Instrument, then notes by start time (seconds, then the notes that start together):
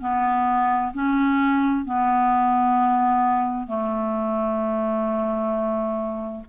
clarinet
0.00 B3
0.93 C#4
1.85 B3
3.67 A3